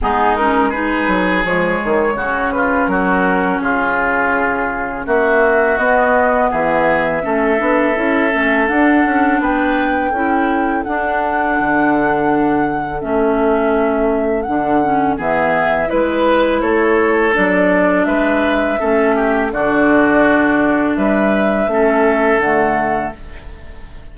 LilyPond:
<<
  \new Staff \with { instrumentName = "flute" } { \time 4/4 \tempo 4 = 83 gis'8 ais'8 b'4 cis''4. b'8 | ais'4 gis'2 e''4 | dis''4 e''2. | fis''4 g''2 fis''4~ |
fis''2 e''2 | fis''4 e''4 b'4 cis''4 | d''4 e''2 d''4~ | d''4 e''2 fis''4 | }
  \new Staff \with { instrumentName = "oboe" } { \time 4/4 dis'4 gis'2 fis'8 f'8 | fis'4 f'2 fis'4~ | fis'4 gis'4 a'2~ | a'4 b'4 a'2~ |
a'1~ | a'4 gis'4 b'4 a'4~ | a'4 b'4 a'8 g'8 fis'4~ | fis'4 b'4 a'2 | }
  \new Staff \with { instrumentName = "clarinet" } { \time 4/4 b8 cis'8 dis'4 gis4 cis'4~ | cis'1 | b2 cis'8 d'8 e'8 cis'8 | d'2 e'4 d'4~ |
d'2 cis'2 | d'8 cis'8 b4 e'2 | d'2 cis'4 d'4~ | d'2 cis'4 a4 | }
  \new Staff \with { instrumentName = "bassoon" } { \time 4/4 gis4. fis8 f8 dis8 cis4 | fis4 cis2 ais4 | b4 e4 a8 b8 cis'8 a8 | d'8 cis'8 b4 cis'4 d'4 |
d2 a2 | d4 e4 gis4 a4 | fis4 gis4 a4 d4~ | d4 g4 a4 d4 | }
>>